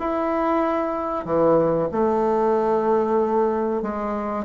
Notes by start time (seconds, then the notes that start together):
0.00 E4
1.25 E3
1.92 A3
3.83 G#3